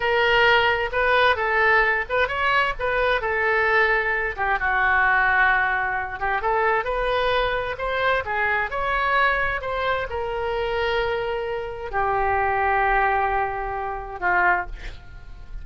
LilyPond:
\new Staff \with { instrumentName = "oboe" } { \time 4/4 \tempo 4 = 131 ais'2 b'4 a'4~ | a'8 b'8 cis''4 b'4 a'4~ | a'4. g'8 fis'2~ | fis'4. g'8 a'4 b'4~ |
b'4 c''4 gis'4 cis''4~ | cis''4 c''4 ais'2~ | ais'2 g'2~ | g'2. f'4 | }